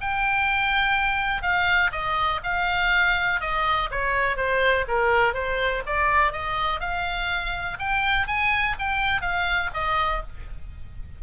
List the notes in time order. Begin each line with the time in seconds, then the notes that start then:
0.00 G5
1.42 F5
1.92 D#5
2.43 F5
3.40 D#5
3.91 C#5
4.36 C5
4.87 A#4
5.33 C5
5.86 D5
6.32 D#5
6.80 F5
7.78 G5
8.26 G#5
8.79 G5
9.21 F5
9.73 D#5